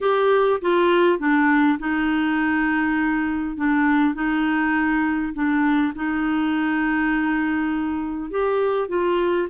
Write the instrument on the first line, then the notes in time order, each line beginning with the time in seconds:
clarinet
0.01 G4
0.61 F4
1.19 D4
1.78 D#4
3.56 D4
4.14 D#4
5.33 D4
5.95 D#4
8.30 G4
8.88 F4